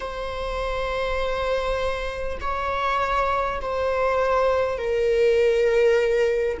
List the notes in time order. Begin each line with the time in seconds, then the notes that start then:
0.00 C5
2.40 C#5
3.61 C5
4.78 A#4